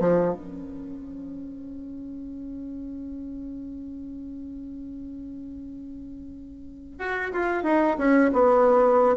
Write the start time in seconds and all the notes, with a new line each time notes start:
0.00 F3
0.33 C#4
6.98 F#4
7.33 F4
7.64 D#4
7.98 C#4
8.33 B3